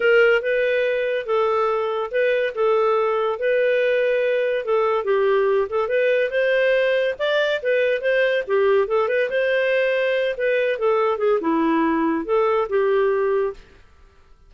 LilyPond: \new Staff \with { instrumentName = "clarinet" } { \time 4/4 \tempo 4 = 142 ais'4 b'2 a'4~ | a'4 b'4 a'2 | b'2. a'4 | g'4. a'8 b'4 c''4~ |
c''4 d''4 b'4 c''4 | g'4 a'8 b'8 c''2~ | c''8 b'4 a'4 gis'8 e'4~ | e'4 a'4 g'2 | }